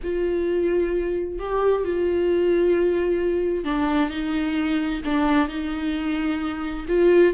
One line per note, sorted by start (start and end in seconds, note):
0.03 1.39 F4
1.39 1.84 G4
1.84 3.64 F4
3.64 4.10 D4
4.10 5.01 D#4
5.05 5.48 D4
5.48 6.85 D#4
6.88 7.33 F4